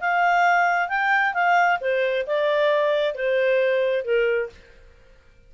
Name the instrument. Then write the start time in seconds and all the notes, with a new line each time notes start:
clarinet
0.00 F5
0.88 G5
1.33 F5
1.80 C5
2.26 D5
3.14 C5
4.04 A#4